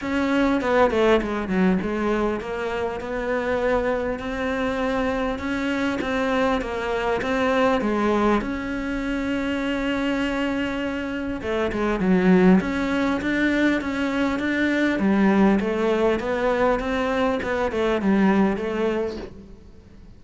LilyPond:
\new Staff \with { instrumentName = "cello" } { \time 4/4 \tempo 4 = 100 cis'4 b8 a8 gis8 fis8 gis4 | ais4 b2 c'4~ | c'4 cis'4 c'4 ais4 | c'4 gis4 cis'2~ |
cis'2. a8 gis8 | fis4 cis'4 d'4 cis'4 | d'4 g4 a4 b4 | c'4 b8 a8 g4 a4 | }